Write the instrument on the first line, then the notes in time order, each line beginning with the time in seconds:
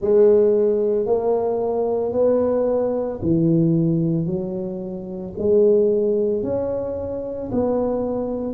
tuba
0.01 G#3
1.06 A#3
2.12 B3
3.21 E3
4.26 F#3
5.38 G#3
6.42 C#4
7.51 B3